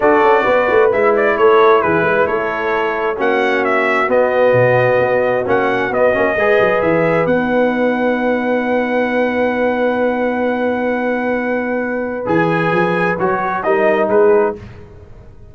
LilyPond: <<
  \new Staff \with { instrumentName = "trumpet" } { \time 4/4 \tempo 4 = 132 d''2 e''8 d''8 cis''4 | b'4 cis''2 fis''4 | e''4 dis''2. | fis''4 dis''2 e''4 |
fis''1~ | fis''1~ | fis''2. gis''4~ | gis''4 cis''4 dis''4 b'4 | }
  \new Staff \with { instrumentName = "horn" } { \time 4/4 a'4 b'2 a'4 | gis'8 b'8 a'2 fis'4~ | fis'1~ | fis'2 b'2~ |
b'1~ | b'1~ | b'1~ | b'2 ais'4 gis'4 | }
  \new Staff \with { instrumentName = "trombone" } { \time 4/4 fis'2 e'2~ | e'2. cis'4~ | cis'4 b2. | cis'4 b8 cis'8 gis'2 |
dis'1~ | dis'1~ | dis'2. gis'4~ | gis'4 fis'4 dis'2 | }
  \new Staff \with { instrumentName = "tuba" } { \time 4/4 d'8 cis'8 b8 a8 gis4 a4 | e8 gis8 a2 ais4~ | ais4 b4 b,4 b4 | ais4 b8 ais8 gis8 fis8 e4 |
b1~ | b1~ | b2. e4 | f4 fis4 g4 gis4 | }
>>